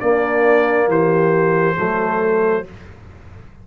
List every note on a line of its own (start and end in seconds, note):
0.00 0.87 A#3
0.00 1.76 A#3
0.00 0.89 D4
0.00 0.88 D5
0.87 1.76 E3
0.87 1.76 G4
0.87 2.67 C5
1.76 2.67 F#3
1.76 2.64 A3
1.76 2.64 A4